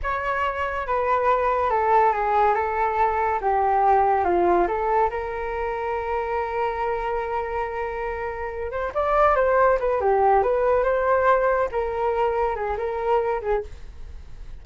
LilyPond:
\new Staff \with { instrumentName = "flute" } { \time 4/4 \tempo 4 = 141 cis''2 b'2 | a'4 gis'4 a'2 | g'2 f'4 a'4 | ais'1~ |
ais'1~ | ais'8 c''8 d''4 c''4 b'8 g'8~ | g'8 b'4 c''2 ais'8~ | ais'4. gis'8 ais'4. gis'8 | }